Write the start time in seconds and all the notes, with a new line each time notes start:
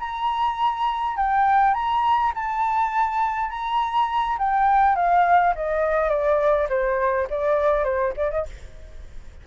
0.00 A#5
1.17 G5
1.74 A#5
2.35 A5
3.50 A#5
4.38 G5
4.96 F5
5.56 D#5
6.10 D5
6.69 C5
7.30 D5
7.84 C5
8.16 D5
8.31 D#5